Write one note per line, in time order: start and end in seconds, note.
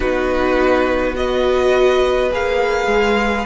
0.00 2.31 B3
0.00 1.14 D#4
0.00 1.15 F#4
0.00 1.15 B4
1.14 2.29 F#4
1.14 3.46 B4
1.14 2.31 D#5
2.31 2.87 A#3
2.31 3.46 G#4
2.31 3.46 F5
2.87 3.44 G#3